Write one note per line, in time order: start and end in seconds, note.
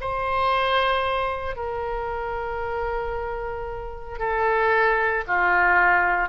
0.00 1.56 C5
1.56 4.19 A#4
4.19 5.24 A4
5.27 6.29 F4